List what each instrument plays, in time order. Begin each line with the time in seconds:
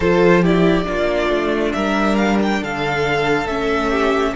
0.00 cello F3, viola F4, violin A4 C5
0.41 viola E4, violin G4 D5
0.84 cello A#3, viola D4, violin F4
1.29 cello A3
1.72 cello G3, violin A#4 E5
2.16 violin F5
2.42 violin G5
2.61 cello D3, violin A4 F5
3.45 cello A3, viola C#4, violin E5
3.90 violin G4